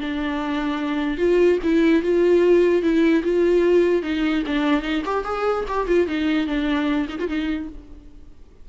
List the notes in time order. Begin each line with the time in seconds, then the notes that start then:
0.00 D4
1.18 F4
1.63 E4
2.02 F4
2.82 E4
3.23 F4
4.02 D#4
4.46 D4
4.82 D#4
5.05 G4
5.24 G#4
5.68 G4
5.87 F4
6.07 D#4
6.47 D4
7.09 D#4
7.19 F4
7.28 D#4